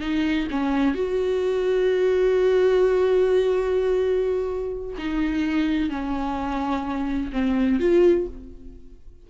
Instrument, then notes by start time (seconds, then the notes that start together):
viola
0.00 D#4
0.50 C#4
0.94 F#4
4.98 D#4
5.89 C#4
7.32 C4
7.79 F4